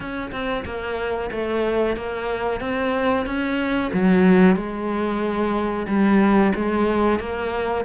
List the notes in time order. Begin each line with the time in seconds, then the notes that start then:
0.00 C#4
0.31 C4
0.65 A#3
1.31 A3
1.96 A#3
2.60 C4
3.25 C#4
3.93 F#3
4.56 G#3
5.87 G3
6.55 G#3
7.19 A#3